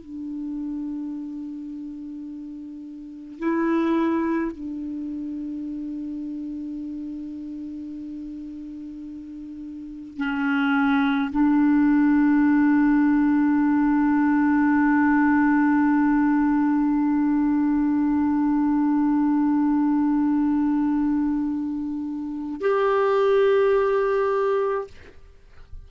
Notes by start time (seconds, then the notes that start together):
0.00 D4
3.39 E4
4.52 D4
10.18 C#4
11.32 D4
22.62 G4